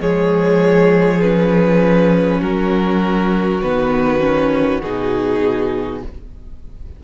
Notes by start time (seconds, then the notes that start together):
0.00 F3 G#3 G#4 C#5
1.21 C#4 B4
2.39 F#3 F#4 A#4
3.61 D#3 B3 B4
4.20 C#4
4.83 B2 D#4 G#4